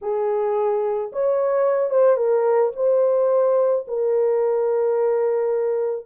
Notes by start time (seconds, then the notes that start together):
0.01 G#4
1.12 C#5
1.90 C5
2.16 A#4
2.76 C5
3.87 A#4